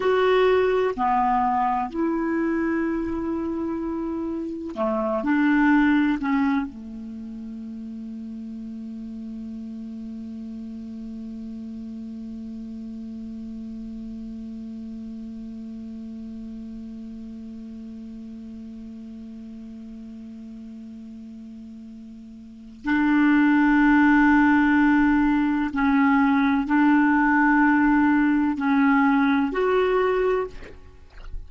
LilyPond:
\new Staff \with { instrumentName = "clarinet" } { \time 4/4 \tempo 4 = 63 fis'4 b4 e'2~ | e'4 a8 d'4 cis'8 a4~ | a1~ | a1~ |
a1~ | a1 | d'2. cis'4 | d'2 cis'4 fis'4 | }